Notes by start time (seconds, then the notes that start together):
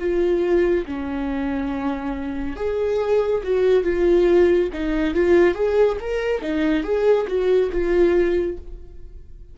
0.00 F4
0.86 C#4
2.57 G#4
3.44 F#4
3.84 F4
4.73 D#4
5.15 F4
5.55 G#4
6.00 A#4
6.42 D#4
6.84 G#4
7.28 F#4
7.72 F4